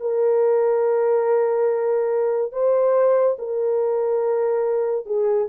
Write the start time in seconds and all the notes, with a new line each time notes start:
0.00 A#4
2.52 C5
3.38 A#4
5.06 G#4